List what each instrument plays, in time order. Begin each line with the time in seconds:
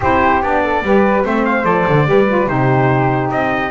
0.00 double bass C4, saxophone E4, flute G4, trumpet C5
0.42 double bass B3, saxophone D4, trumpet D5
0.63 flute A4
0.82 double bass G3, saxophone G4, flute B4
1.23 double bass A3, saxophone C4, flute C5, trumpet E5
1.45 trumpet F5
1.64 double bass F3, saxophone A4, trumpet D5
1.87 double bass D3
2.05 double bass G3, saxophone G4, flute B4
2.28 saxophone F4
2.46 double bass C3, saxophone D#4, flute G4, trumpet C5
3.30 double bass C4, trumpet D#5